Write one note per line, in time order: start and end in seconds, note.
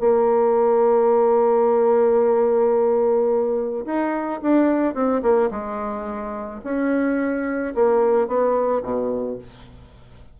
0.00 3.85 A#3
3.86 4.41 D#4
4.42 4.95 D4
4.95 5.22 C4
5.22 5.50 A#3
5.51 6.61 G#3
6.64 7.74 C#4
7.75 8.28 A#3
8.28 8.83 B3
8.83 9.38 B2